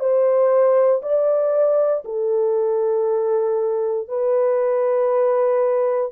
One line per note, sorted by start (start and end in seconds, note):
0.00 1.02 C5
1.03 2.04 D5
2.05 4.09 A4
4.09 6.12 B4